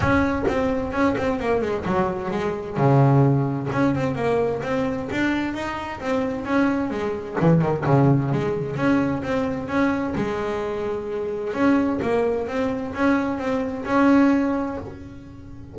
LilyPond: \new Staff \with { instrumentName = "double bass" } { \time 4/4 \tempo 4 = 130 cis'4 c'4 cis'8 c'8 ais8 gis8 | fis4 gis4 cis2 | cis'8 c'8 ais4 c'4 d'4 | dis'4 c'4 cis'4 gis4 |
e8 dis8 cis4 gis4 cis'4 | c'4 cis'4 gis2~ | gis4 cis'4 ais4 c'4 | cis'4 c'4 cis'2 | }